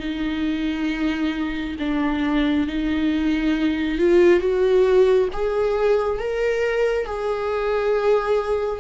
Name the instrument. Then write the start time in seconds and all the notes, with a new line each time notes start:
viola
0.00 D#4
1.79 D4
2.68 D#4
3.99 F4
4.40 F#4
5.33 G#4
6.19 A#4
7.06 G#4